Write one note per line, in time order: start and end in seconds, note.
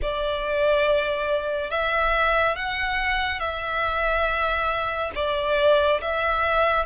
0.02 1.70 D5
1.70 2.56 E5
2.56 3.39 F#5
3.39 5.11 E5
5.15 6.00 D5
6.01 6.85 E5